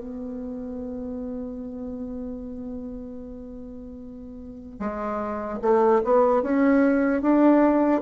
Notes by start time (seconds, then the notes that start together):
0.00 B3
4.80 G#3
5.62 A3
6.04 B3
6.43 C#4
7.22 D4